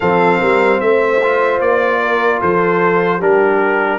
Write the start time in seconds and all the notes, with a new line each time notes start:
0.00 F3 C4 A4 F5
0.39 G3 A#4
0.80 A3 C5 E5
1.23 F4
1.60 A#3 D5
2.01 A#4
2.40 F3 A4 C5
3.18 G3 D4 G4 A#4